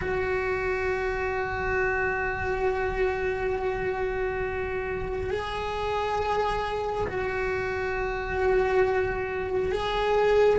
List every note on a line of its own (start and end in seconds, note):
0.01 5.30 F#4
5.30 7.07 G#4
7.07 9.72 F#4
9.72 10.59 G#4